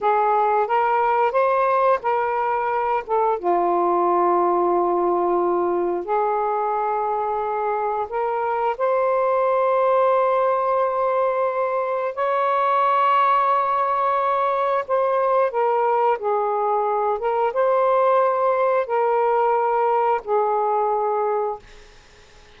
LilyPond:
\new Staff \with { instrumentName = "saxophone" } { \time 4/4 \tempo 4 = 89 gis'4 ais'4 c''4 ais'4~ | ais'8 a'8 f'2.~ | f'4 gis'2. | ais'4 c''2.~ |
c''2 cis''2~ | cis''2 c''4 ais'4 | gis'4. ais'8 c''2 | ais'2 gis'2 | }